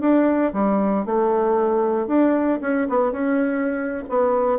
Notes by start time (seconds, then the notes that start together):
0.00 D4
0.53 G3
1.05 A3
2.07 D4
2.61 C#4
2.89 B3
3.12 C#4
4.09 B3